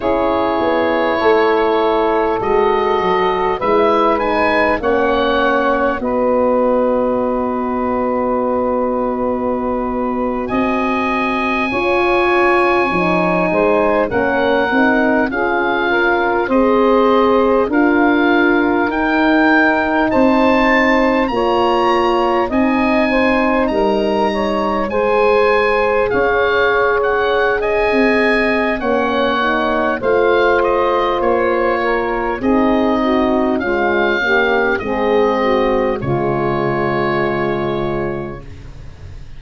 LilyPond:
<<
  \new Staff \with { instrumentName = "oboe" } { \time 4/4 \tempo 4 = 50 cis''2 dis''4 e''8 gis''8 | fis''4 dis''2.~ | dis''8. gis''2. fis''16~ | fis''8. f''4 dis''4 f''4 g''16~ |
g''8. a''4 ais''4 gis''4 ais''16~ | ais''8. gis''4 f''8. fis''8 gis''4 | fis''4 f''8 dis''8 cis''4 dis''4 | f''4 dis''4 cis''2 | }
  \new Staff \with { instrumentName = "saxophone" } { \time 4/4 gis'4 a'2 b'4 | cis''4 b'2.~ | b'8. dis''4 cis''4. c''8 ais'16~ | ais'8. gis'8 ais'8 c''4 ais'4~ ais'16~ |
ais'8. c''4 cis''4 dis''8 c''8 ais'16~ | ais'16 cis''8 c''4 cis''4~ cis''16 dis''4 | cis''4 c''4. ais'8 gis'8 fis'8 | f'8 g'8 gis'8 fis'8 f'2 | }
  \new Staff \with { instrumentName = "horn" } { \time 4/4 e'2 fis'4 e'8 dis'8 | cis'4 fis'2.~ | fis'4.~ fis'16 f'4 dis'4 cis'16~ | cis'16 dis'8 f'4 gis'4 f'4 dis'16~ |
dis'4.~ dis'16 f'4 dis'4~ dis'16~ | dis'8. gis'2.~ gis'16 | cis'8 dis'8 f'2 dis'4 | gis8 ais8 c'4 gis2 | }
  \new Staff \with { instrumentName = "tuba" } { \time 4/4 cis'8 b8 a4 gis8 fis8 gis4 | ais4 b2.~ | b8. c'4 cis'4 f8 gis8 ais16~ | ais16 c'8 cis'4 c'4 d'4 dis'16~ |
dis'8. c'4 ais4 c'4 g16~ | g8. gis4 cis'4. c'8. | ais4 a4 ais4 c'4 | cis'4 gis4 cis2 | }
>>